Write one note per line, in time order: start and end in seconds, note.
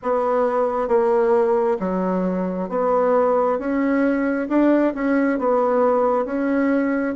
0.02 0.88 B3
0.88 1.77 A#3
1.79 2.69 F#3
2.69 3.58 B3
3.58 4.48 C#4
4.48 4.93 D4
4.94 5.39 C#4
5.39 6.25 B3
6.25 7.14 C#4